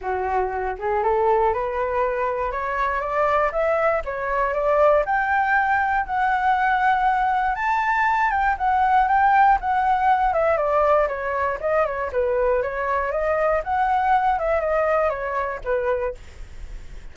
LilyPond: \new Staff \with { instrumentName = "flute" } { \time 4/4 \tempo 4 = 119 fis'4. gis'8 a'4 b'4~ | b'4 cis''4 d''4 e''4 | cis''4 d''4 g''2 | fis''2. a''4~ |
a''8 g''8 fis''4 g''4 fis''4~ | fis''8 e''8 d''4 cis''4 dis''8 cis''8 | b'4 cis''4 dis''4 fis''4~ | fis''8 e''8 dis''4 cis''4 b'4 | }